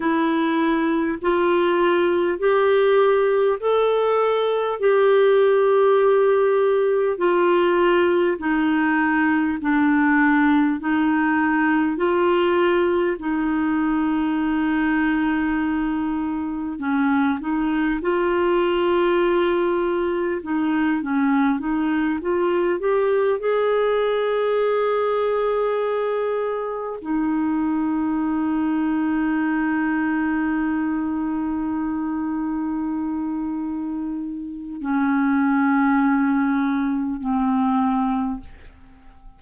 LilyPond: \new Staff \with { instrumentName = "clarinet" } { \time 4/4 \tempo 4 = 50 e'4 f'4 g'4 a'4 | g'2 f'4 dis'4 | d'4 dis'4 f'4 dis'4~ | dis'2 cis'8 dis'8 f'4~ |
f'4 dis'8 cis'8 dis'8 f'8 g'8 gis'8~ | gis'2~ gis'8 dis'4.~ | dis'1~ | dis'4 cis'2 c'4 | }